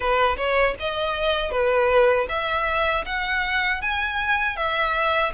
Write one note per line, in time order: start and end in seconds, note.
0.00 0.36 B4
0.36 0.74 C#5
0.79 1.51 D#5
1.51 2.27 B4
2.28 3.04 E5
3.05 3.81 F#5
3.81 4.56 G#5
4.56 5.32 E5